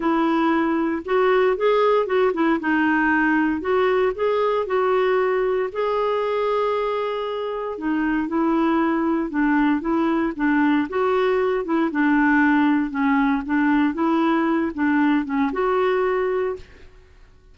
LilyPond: \new Staff \with { instrumentName = "clarinet" } { \time 4/4 \tempo 4 = 116 e'2 fis'4 gis'4 | fis'8 e'8 dis'2 fis'4 | gis'4 fis'2 gis'4~ | gis'2. dis'4 |
e'2 d'4 e'4 | d'4 fis'4. e'8 d'4~ | d'4 cis'4 d'4 e'4~ | e'8 d'4 cis'8 fis'2 | }